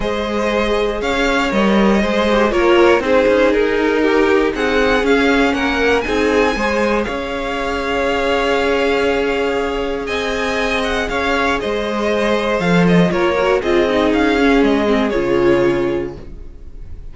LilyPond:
<<
  \new Staff \with { instrumentName = "violin" } { \time 4/4 \tempo 4 = 119 dis''2 f''4 dis''4~ | dis''4 cis''4 c''4 ais'4~ | ais'4 fis''4 f''4 fis''4 | gis''2 f''2~ |
f''1 | gis''4. fis''8 f''4 dis''4~ | dis''4 f''8 dis''8 cis''4 dis''4 | f''4 dis''4 cis''2 | }
  \new Staff \with { instrumentName = "violin" } { \time 4/4 c''2 cis''2 | c''4 ais'4 gis'2 | g'4 gis'2 ais'4 | gis'4 c''4 cis''2~ |
cis''1 | dis''2 cis''4 c''4~ | c''2 ais'4 gis'4~ | gis'1 | }
  \new Staff \with { instrumentName = "viola" } { \time 4/4 gis'2. ais'4 | gis'8 g'8 f'4 dis'2~ | dis'2 cis'2 | dis'4 gis'2.~ |
gis'1~ | gis'1~ | gis'4 a'4 f'8 fis'8 f'8 dis'8~ | dis'8 cis'4 c'8 f'2 | }
  \new Staff \with { instrumentName = "cello" } { \time 4/4 gis2 cis'4 g4 | gis4 ais4 c'8 cis'8 dis'4~ | dis'4 c'4 cis'4 ais4 | c'4 gis4 cis'2~ |
cis'1 | c'2 cis'4 gis4~ | gis4 f4 ais4 c'4 | cis'4 gis4 cis2 | }
>>